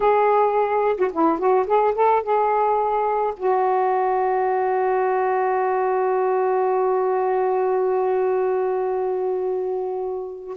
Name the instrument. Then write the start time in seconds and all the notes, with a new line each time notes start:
saxophone
0.00 G#4
0.97 F#4
1.12 E4
1.38 F#4
1.66 G#4
1.94 A4
2.22 G#4
3.36 F#4